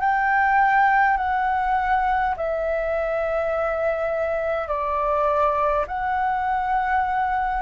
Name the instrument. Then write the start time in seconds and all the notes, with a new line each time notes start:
flute
0.00 G5
1.17 F#5
2.36 E5
4.68 D5
5.87 F#5